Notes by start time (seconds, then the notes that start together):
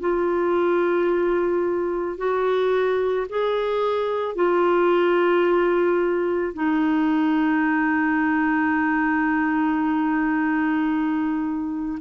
0.00 F4
2.18 F#4
3.29 G#4
4.35 F4
6.54 D#4